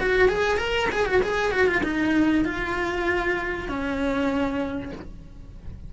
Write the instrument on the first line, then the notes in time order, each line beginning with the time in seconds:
cello
0.00 F#4
0.29 G#4
0.58 A#4
0.93 G#4
1.07 F#4
1.23 G#4
1.52 F#4
1.67 F4
1.84 D#4
2.45 F4
3.69 C#4